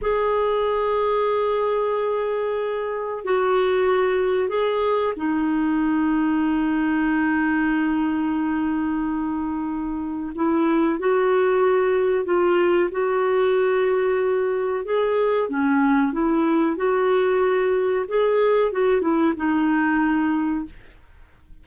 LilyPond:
\new Staff \with { instrumentName = "clarinet" } { \time 4/4 \tempo 4 = 93 gis'1~ | gis'4 fis'2 gis'4 | dis'1~ | dis'1 |
e'4 fis'2 f'4 | fis'2. gis'4 | cis'4 e'4 fis'2 | gis'4 fis'8 e'8 dis'2 | }